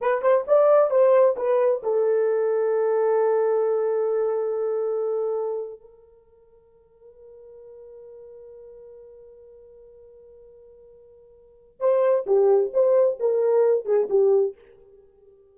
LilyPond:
\new Staff \with { instrumentName = "horn" } { \time 4/4 \tempo 4 = 132 b'8 c''8 d''4 c''4 b'4 | a'1~ | a'1~ | a'8. ais'2.~ ais'16~ |
ais'1~ | ais'1~ | ais'2 c''4 g'4 | c''4 ais'4. gis'8 g'4 | }